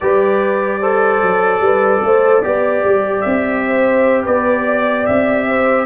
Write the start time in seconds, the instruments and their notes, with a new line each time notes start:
0.00 tuba G3, trombone G4, horn B4, trumpet D5
0.80 trombone A4, horn C5
1.21 tuba F#3
1.60 tuba G3, horn B4
2.02 tuba A3, horn C5
2.42 tuba B3, trombone G4, horn D5
2.84 tuba G3
3.20 tuba C4, trumpet E5
3.66 horn C5
4.23 tuba B3, horn B4, trumpet D5
4.66 horn D5
5.06 tuba C4, trumpet E5
5.48 horn C5